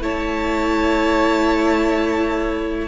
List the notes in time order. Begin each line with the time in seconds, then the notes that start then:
0.00 A3 E4 C#5 A5